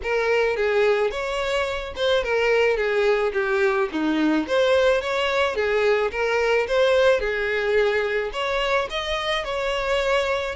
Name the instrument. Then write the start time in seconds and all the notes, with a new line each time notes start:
violin
0.03 A#4
0.56 G#4
1.10 C#5
1.96 C5
2.23 A#4
2.76 G#4
3.33 G4
3.92 D#4
4.47 C5
5.01 C#5
5.55 G#4
6.11 A#4
6.67 C5
7.19 G#4
8.33 C#5
8.90 D#5
9.44 C#5